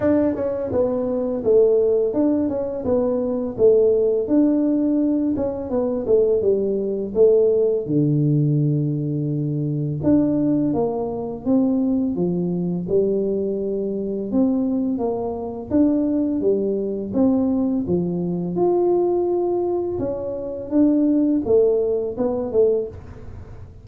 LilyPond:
\new Staff \with { instrumentName = "tuba" } { \time 4/4 \tempo 4 = 84 d'8 cis'8 b4 a4 d'8 cis'8 | b4 a4 d'4. cis'8 | b8 a8 g4 a4 d4~ | d2 d'4 ais4 |
c'4 f4 g2 | c'4 ais4 d'4 g4 | c'4 f4 f'2 | cis'4 d'4 a4 b8 a8 | }